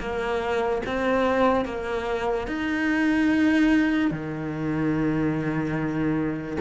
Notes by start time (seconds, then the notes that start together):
0.00 A#3
0.86 C4
1.66 A#3
2.47 D#4
4.11 D#3